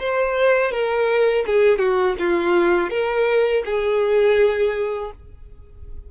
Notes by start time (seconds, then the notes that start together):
0.00 C5
0.72 A#4
1.47 G#4
1.79 F#4
2.19 F4
2.90 A#4
3.66 G#4